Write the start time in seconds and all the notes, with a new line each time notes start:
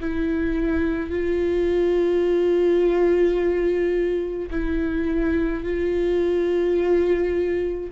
0.00 E4
1.10 F4
4.50 E4
5.63 F4